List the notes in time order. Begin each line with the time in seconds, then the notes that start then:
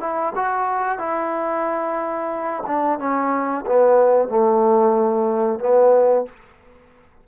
0.00 E4
0.35 F#4
0.98 E4
2.66 D4
2.99 C#4
3.66 B3
4.28 A3
5.59 B3